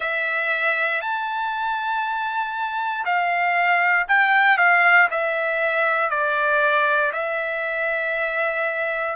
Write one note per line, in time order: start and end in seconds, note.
0.00 1.01 E5
1.01 3.04 A5
3.05 4.06 F5
4.08 4.57 G5
4.57 5.08 F5
5.10 6.10 E5
6.10 7.11 D5
7.12 9.16 E5